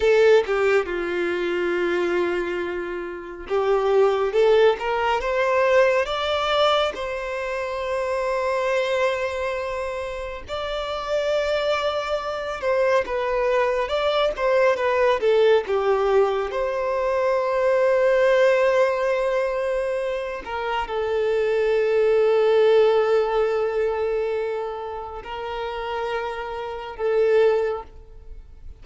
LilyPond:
\new Staff \with { instrumentName = "violin" } { \time 4/4 \tempo 4 = 69 a'8 g'8 f'2. | g'4 a'8 ais'8 c''4 d''4 | c''1 | d''2~ d''8 c''8 b'4 |
d''8 c''8 b'8 a'8 g'4 c''4~ | c''2.~ c''8 ais'8 | a'1~ | a'4 ais'2 a'4 | }